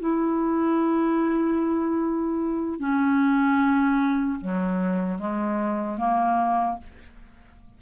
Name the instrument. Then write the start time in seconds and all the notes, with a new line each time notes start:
clarinet
0.00 E4
2.80 C#4
4.41 F#3
5.19 G#3
5.98 A#3